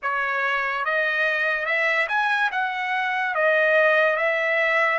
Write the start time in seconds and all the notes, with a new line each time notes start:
0.02 C#5
0.84 D#5
1.65 E5
2.08 G#5
2.51 F#5
3.34 D#5
4.16 E5